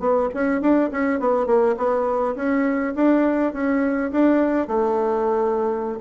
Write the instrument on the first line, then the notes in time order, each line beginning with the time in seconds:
bassoon
0.00 B3
0.34 C#4
0.61 D4
0.92 C#4
1.20 B3
1.47 A#3
1.77 B3
2.36 C#4
2.96 D4
3.53 C#4
4.12 D4
4.68 A3